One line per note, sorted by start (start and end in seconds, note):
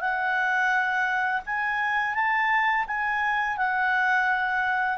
0.00 1.41 F#5
1.46 2.14 G#5
2.14 2.85 A5
2.87 3.57 G#5
3.57 4.98 F#5